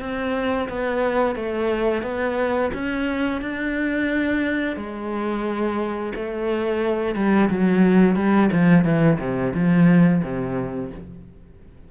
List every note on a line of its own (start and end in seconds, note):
0.00 0.68 C4
0.69 1.36 B3
1.36 2.03 A3
2.03 2.71 B3
2.74 3.42 C#4
3.42 4.76 D4
4.76 6.13 G#3
6.15 7.15 A3
7.15 7.49 G3
7.49 8.16 F#3
8.16 8.50 G3
8.52 8.84 F3
8.84 9.18 E3
9.19 9.53 C3
9.54 10.22 F3
10.23 10.92 C3